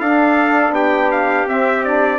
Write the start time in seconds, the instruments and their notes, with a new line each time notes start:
0.00 bassoon D4, saxophone D4, trumpet A4 F5
0.71 bassoon B3, trumpet G4 G5
1.11 trumpet F5
1.48 saxophone C4, bassoon C4, trumpet E5
1.84 saxophone D4, trumpet D5